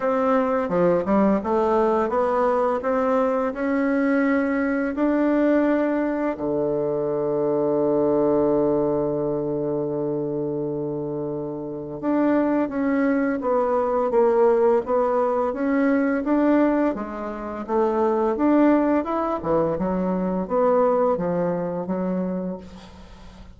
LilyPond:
\new Staff \with { instrumentName = "bassoon" } { \time 4/4 \tempo 4 = 85 c'4 f8 g8 a4 b4 | c'4 cis'2 d'4~ | d'4 d2.~ | d1~ |
d4 d'4 cis'4 b4 | ais4 b4 cis'4 d'4 | gis4 a4 d'4 e'8 e8 | fis4 b4 f4 fis4 | }